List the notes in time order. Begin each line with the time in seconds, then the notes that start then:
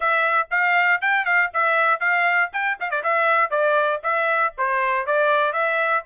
0.00 E5
0.50 F5
1.01 G5
1.25 F5
1.53 E5
2.00 F5
2.52 G5
2.80 F5
2.90 D5
3.03 E5
3.50 D5
4.03 E5
4.57 C5
5.06 D5
5.53 E5